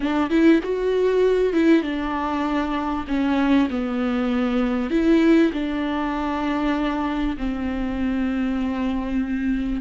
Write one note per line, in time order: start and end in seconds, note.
0.00 0.29 D4
0.29 0.60 E4
0.63 1.53 F#4
1.53 1.82 E4
1.82 3.04 D4
3.07 3.68 C#4
3.70 4.90 B3
4.90 5.51 E4
5.52 7.36 D4
7.37 9.81 C4